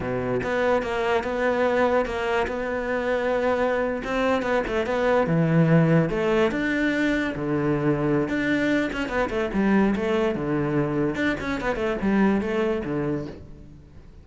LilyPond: \new Staff \with { instrumentName = "cello" } { \time 4/4 \tempo 4 = 145 b,4 b4 ais4 b4~ | b4 ais4 b2~ | b4.~ b16 c'4 b8 a8 b16~ | b8. e2 a4 d'16~ |
d'4.~ d'16 d2~ d16 | d'4. cis'8 b8 a8 g4 | a4 d2 d'8 cis'8 | b8 a8 g4 a4 d4 | }